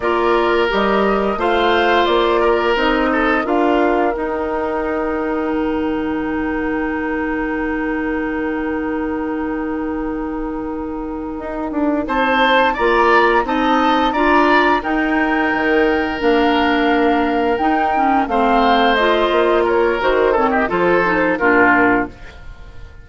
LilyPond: <<
  \new Staff \with { instrumentName = "flute" } { \time 4/4 \tempo 4 = 87 d''4 dis''4 f''4 d''4 | dis''4 f''4 g''2~ | g''1~ | g''1~ |
g''4. a''4 ais''4 a''8~ | a''8 ais''4 g''2 f''8~ | f''4. g''4 f''4 dis''8~ | dis''8 cis''8 c''8 cis''16 dis''16 c''4 ais'4 | }
  \new Staff \with { instrumentName = "oboe" } { \time 4/4 ais'2 c''4. ais'8~ | ais'8 a'8 ais'2.~ | ais'1~ | ais'1~ |
ais'4. c''4 d''4 dis''8~ | dis''8 d''4 ais'2~ ais'8~ | ais'2~ ais'8 c''4.~ | c''8 ais'4 a'16 g'16 a'4 f'4 | }
  \new Staff \with { instrumentName = "clarinet" } { \time 4/4 f'4 g'4 f'2 | dis'4 f'4 dis'2~ | dis'1~ | dis'1~ |
dis'2~ dis'8 f'4 dis'8~ | dis'8 f'4 dis'2 d'8~ | d'4. dis'8 cis'8 c'4 f'8~ | f'4 fis'8 c'8 f'8 dis'8 d'4 | }
  \new Staff \with { instrumentName = "bassoon" } { \time 4/4 ais4 g4 a4 ais4 | c'4 d'4 dis'2 | dis1~ | dis1~ |
dis8 dis'8 d'8 c'4 ais4 c'8~ | c'8 d'4 dis'4 dis4 ais8~ | ais4. dis'4 a4. | ais4 dis4 f4 ais,4 | }
>>